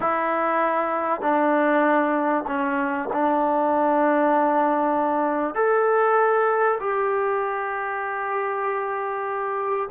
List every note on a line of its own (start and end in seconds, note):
0.00 1.21 E4
1.21 2.45 D4
2.47 3.09 C#4
3.12 5.54 D4
5.54 6.78 A4
6.80 9.89 G4